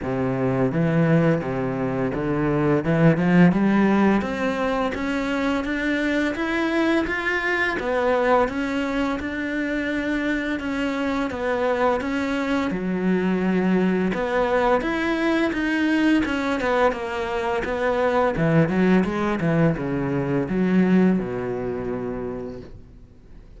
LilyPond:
\new Staff \with { instrumentName = "cello" } { \time 4/4 \tempo 4 = 85 c4 e4 c4 d4 | e8 f8 g4 c'4 cis'4 | d'4 e'4 f'4 b4 | cis'4 d'2 cis'4 |
b4 cis'4 fis2 | b4 e'4 dis'4 cis'8 b8 | ais4 b4 e8 fis8 gis8 e8 | cis4 fis4 b,2 | }